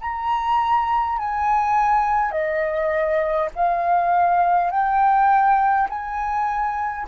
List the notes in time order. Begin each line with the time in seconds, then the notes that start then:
0.00 A#5
1.18 G#5
2.31 D#5
3.55 F5
4.70 G5
5.89 G#5